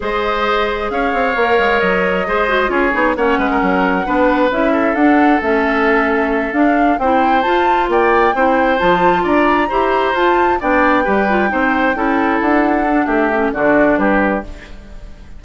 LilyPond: <<
  \new Staff \with { instrumentName = "flute" } { \time 4/4 \tempo 4 = 133 dis''2 f''2 | dis''2 cis''4 fis''4~ | fis''2 e''4 fis''4 | e''2~ e''8 f''4 g''8~ |
g''8 a''4 g''2 a''8~ | a''8 ais''2 a''4 g''8~ | g''2.~ g''8 fis''8~ | fis''4 e''4 d''4 b'4 | }
  \new Staff \with { instrumentName = "oboe" } { \time 4/4 c''2 cis''2~ | cis''4 c''4 gis'4 cis''8 b'16 ais'16~ | ais'4 b'4. a'4.~ | a'2.~ a'8 c''8~ |
c''4. d''4 c''4.~ | c''8 d''4 c''2 d''8~ | d''8 b'4 c''4 a'4.~ | a'4 g'4 fis'4 g'4 | }
  \new Staff \with { instrumentName = "clarinet" } { \time 4/4 gis'2. ais'4~ | ais'4 gis'8 fis'8 f'8 dis'8 cis'4~ | cis'4 d'4 e'4 d'4 | cis'2~ cis'8 d'4 e'8~ |
e'8 f'2 e'4 f'8~ | f'4. g'4 f'4 d'8~ | d'8 g'8 f'8 dis'4 e'4.~ | e'8 d'4 cis'8 d'2 | }
  \new Staff \with { instrumentName = "bassoon" } { \time 4/4 gis2 cis'8 c'8 ais8 gis8 | fis4 gis4 cis'8 b8 ais8 gis8 | fis4 b4 cis'4 d'4 | a2~ a8 d'4 c'8~ |
c'8 f'4 ais4 c'4 f8~ | f8 d'4 e'4 f'4 b8~ | b8 g4 c'4 cis'4 d'8~ | d'4 a4 d4 g4 | }
>>